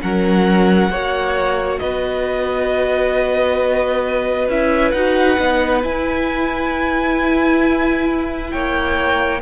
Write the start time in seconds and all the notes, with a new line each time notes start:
0.00 F#3 C#4 A#4 F#5
0.89 A#3 F#4 C#5
1.79 B3 B4 D#5
4.48 C#4 E4 E5
4.91 D#4 F#4 F#5
5.38 B3 D#4
5.83 E4 G#5
8.50 A#3 C#5 G5